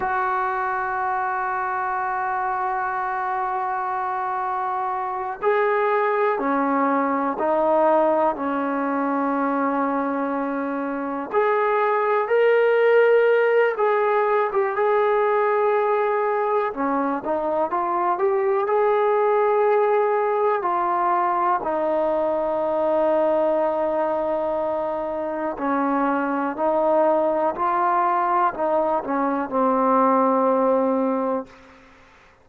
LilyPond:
\new Staff \with { instrumentName = "trombone" } { \time 4/4 \tempo 4 = 61 fis'1~ | fis'4. gis'4 cis'4 dis'8~ | dis'8 cis'2. gis'8~ | gis'8 ais'4. gis'8. g'16 gis'4~ |
gis'4 cis'8 dis'8 f'8 g'8 gis'4~ | gis'4 f'4 dis'2~ | dis'2 cis'4 dis'4 | f'4 dis'8 cis'8 c'2 | }